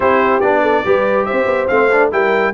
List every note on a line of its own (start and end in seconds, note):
0.00 0.41 C4
0.00 0.42 E4
0.00 0.62 G4
0.00 0.40 C5
0.40 0.83 B3
0.40 0.85 D4
0.40 1.25 D5
0.62 0.83 A4
0.85 1.27 G3
0.85 1.68 G4
0.85 1.27 B4
1.25 2.11 C5
1.25 1.67 E5
1.32 1.45 C4
1.45 1.67 B3
1.67 2.12 A3
1.67 1.89 C4
1.67 2.09 F5
1.92 2.11 D4
2.11 2.53 G3
2.11 2.53 E4
2.11 2.53 A#4
2.11 2.53 G5